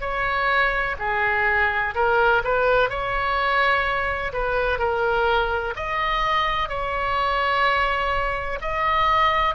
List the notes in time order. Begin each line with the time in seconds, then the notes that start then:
0.00 C#5
0.99 G#4
1.94 A#4
2.44 B4
2.89 C#5
4.32 B4
4.78 A#4
5.76 D#5
6.68 C#5
8.61 D#5